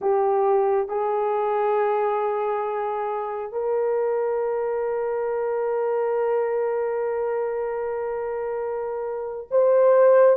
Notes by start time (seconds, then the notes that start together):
0.01 G4
0.88 G#4
3.51 A#4
9.51 C5